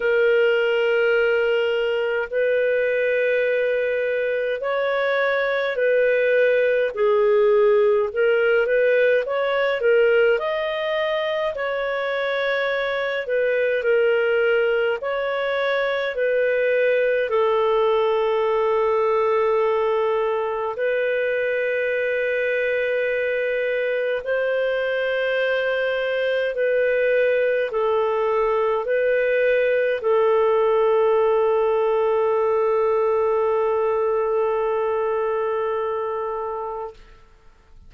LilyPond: \new Staff \with { instrumentName = "clarinet" } { \time 4/4 \tempo 4 = 52 ais'2 b'2 | cis''4 b'4 gis'4 ais'8 b'8 | cis''8 ais'8 dis''4 cis''4. b'8 | ais'4 cis''4 b'4 a'4~ |
a'2 b'2~ | b'4 c''2 b'4 | a'4 b'4 a'2~ | a'1 | }